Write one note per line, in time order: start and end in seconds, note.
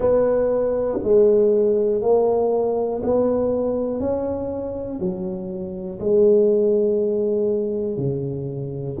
0.00 0.99 B3
1.03 2.01 G#3
2.01 3.01 A#3
3.03 4.00 B3
4.00 4.99 C#4
4.99 5.99 F#3
6.00 7.97 G#3
7.97 8.97 C#3